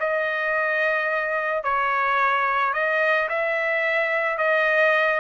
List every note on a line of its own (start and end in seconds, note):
0.00 1.64 D#5
1.64 2.74 C#5
2.74 3.29 D#5
3.30 4.38 E5
4.38 5.21 D#5